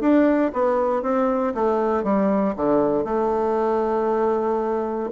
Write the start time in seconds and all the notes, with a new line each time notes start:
0.00 D4
0.53 B3
1.02 C4
1.54 A3
2.03 G3
2.56 D3
3.04 A3